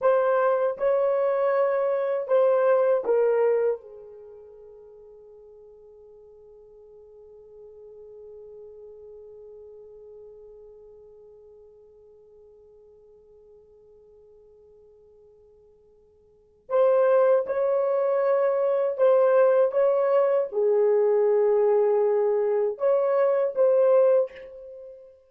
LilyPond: \new Staff \with { instrumentName = "horn" } { \time 4/4 \tempo 4 = 79 c''4 cis''2 c''4 | ais'4 gis'2.~ | gis'1~ | gis'1~ |
gis'1~ | gis'2 c''4 cis''4~ | cis''4 c''4 cis''4 gis'4~ | gis'2 cis''4 c''4 | }